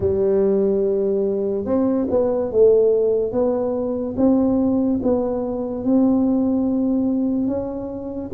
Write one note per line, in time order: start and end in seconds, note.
0.00 1.65 G3
1.65 2.06 C4
2.09 2.51 B3
2.52 3.31 A3
3.31 4.15 B3
4.17 5.00 C4
5.02 5.84 B3
5.84 7.47 C4
7.47 8.31 C#4